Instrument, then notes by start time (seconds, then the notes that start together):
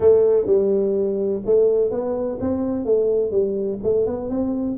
tuba
0.00 A3
0.46 G3
1.45 A3
1.90 B3
2.40 C4
2.85 A3
3.31 G3
3.83 A3
4.06 B3
4.29 C4